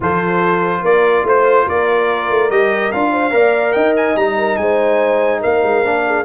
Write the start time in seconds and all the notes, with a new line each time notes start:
0.00 F3 F4 A4 C5
0.82 A#3 A#4 D5
1.24 A3 C5
1.66 A#3 A#4 D5
2.30 A3
2.50 G3 G4 D#5
2.91 D4 F4 F5
3.11 C5
3.30 A#3 A#4 D5
3.72 D#4 D#5 G5
3.96 G#5
4.15 G3 D#4 A#5
4.37 A#4
4.56 G#3 C5 G#5
5.40 A#3 A#4 F5
5.62 G#3
5.82 A#3 D4
6.05 G#4